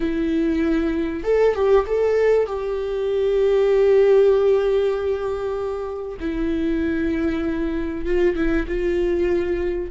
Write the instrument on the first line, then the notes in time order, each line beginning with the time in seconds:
viola
0.00 E4
1.23 A4
1.54 G4
1.86 A4
2.46 G4
6.20 E4
8.05 F4
8.35 E4
8.67 F4